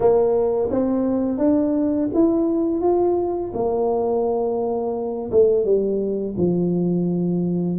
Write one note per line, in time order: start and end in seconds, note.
0.00 0.69 A#3
0.70 1.38 C4
1.38 2.08 D4
2.14 2.81 E4
2.81 3.51 F4
3.54 5.30 A#3
5.31 5.64 A3
5.64 6.35 G3
6.37 7.78 F3